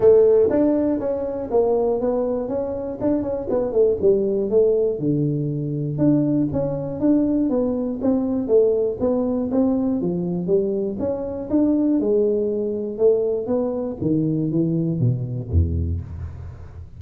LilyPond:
\new Staff \with { instrumentName = "tuba" } { \time 4/4 \tempo 4 = 120 a4 d'4 cis'4 ais4 | b4 cis'4 d'8 cis'8 b8 a8 | g4 a4 d2 | d'4 cis'4 d'4 b4 |
c'4 a4 b4 c'4 | f4 g4 cis'4 d'4 | gis2 a4 b4 | dis4 e4 b,4 e,4 | }